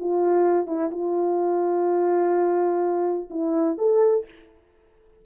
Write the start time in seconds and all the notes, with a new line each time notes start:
0.00 F4
0.67 E4
0.92 F4
3.31 E4
3.78 A4